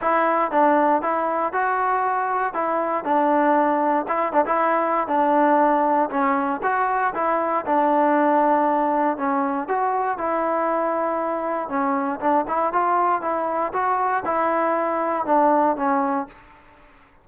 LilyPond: \new Staff \with { instrumentName = "trombone" } { \time 4/4 \tempo 4 = 118 e'4 d'4 e'4 fis'4~ | fis'4 e'4 d'2 | e'8 d'16 e'4~ e'16 d'2 | cis'4 fis'4 e'4 d'4~ |
d'2 cis'4 fis'4 | e'2. cis'4 | d'8 e'8 f'4 e'4 fis'4 | e'2 d'4 cis'4 | }